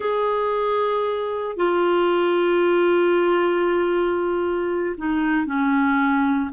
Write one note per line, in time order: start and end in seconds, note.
0.00 1.56 G#4
1.56 4.95 F4
4.97 5.46 D#4
5.46 6.50 C#4